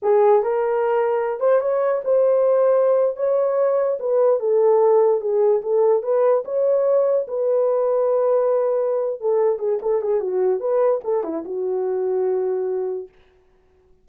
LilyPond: \new Staff \with { instrumentName = "horn" } { \time 4/4 \tempo 4 = 147 gis'4 ais'2~ ais'8 c''8 | cis''4 c''2~ c''8. cis''16~ | cis''4.~ cis''16 b'4 a'4~ a'16~ | a'8. gis'4 a'4 b'4 cis''16~ |
cis''4.~ cis''16 b'2~ b'16~ | b'2~ b'8 a'4 gis'8 | a'8 gis'8 fis'4 b'4 a'8 e'8 | fis'1 | }